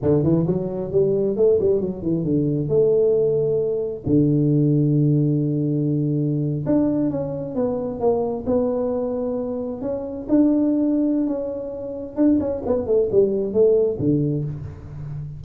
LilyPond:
\new Staff \with { instrumentName = "tuba" } { \time 4/4 \tempo 4 = 133 d8 e8 fis4 g4 a8 g8 | fis8 e8 d4 a2~ | a4 d2.~ | d2~ d8. d'4 cis'16~ |
cis'8. b4 ais4 b4~ b16~ | b4.~ b16 cis'4 d'4~ d'16~ | d'4 cis'2 d'8 cis'8 | b8 a8 g4 a4 d4 | }